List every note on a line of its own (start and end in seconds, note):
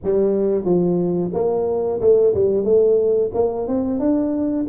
0.03 0.64 G3
0.64 1.31 F3
1.33 2.00 A#3
2.00 2.34 A3
2.34 2.64 G3
2.64 3.31 A3
3.34 3.67 A#3
3.67 3.99 C4
3.99 4.66 D4